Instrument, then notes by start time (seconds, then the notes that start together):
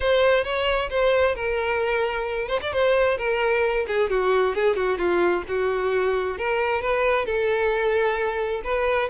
violin
0.00 C5
0.44 C#5
0.90 C5
1.35 A#4
2.48 C5
2.61 D5
2.73 C5
3.17 A#4
3.87 G#4
4.10 F#4
4.55 G#4
4.76 F#4
4.98 F4
5.48 F#4
6.38 A#4
6.81 B4
7.25 A4
8.63 B4